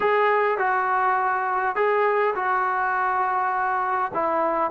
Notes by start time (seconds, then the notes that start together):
0.00 G#4
0.57 F#4
1.75 G#4
2.35 F#4
4.13 E4